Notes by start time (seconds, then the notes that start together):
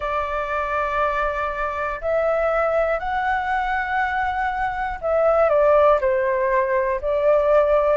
0.00 D5
2.00 E5
2.99 F#5
5.01 E5
5.49 D5
6.00 C5
7.01 D5